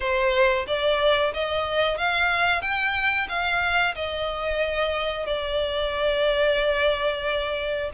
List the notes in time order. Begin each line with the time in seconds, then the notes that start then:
0.00 C5
0.67 D5
1.33 D#5
1.97 F5
2.61 G5
3.28 F5
3.95 D#5
5.26 D5